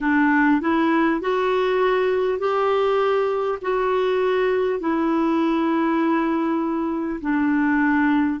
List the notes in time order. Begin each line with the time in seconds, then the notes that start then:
0.00 D4
0.60 E4
1.20 F#4
2.38 G4
3.61 F#4
4.80 E4
7.21 D4